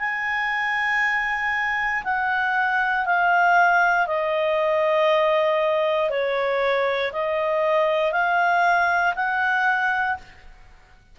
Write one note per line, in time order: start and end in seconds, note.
0.00 2.03 G#5
2.04 3.06 F#5
3.06 4.07 F5
4.07 6.10 D#5
6.10 7.12 C#5
7.13 8.13 D#5
8.13 9.14 F5
9.16 10.17 F#5